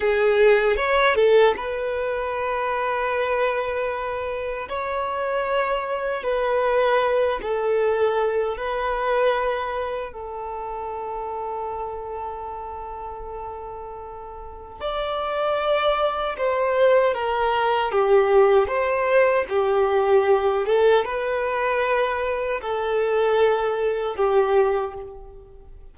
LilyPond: \new Staff \with { instrumentName = "violin" } { \time 4/4 \tempo 4 = 77 gis'4 cis''8 a'8 b'2~ | b'2 cis''2 | b'4. a'4. b'4~ | b'4 a'2.~ |
a'2. d''4~ | d''4 c''4 ais'4 g'4 | c''4 g'4. a'8 b'4~ | b'4 a'2 g'4 | }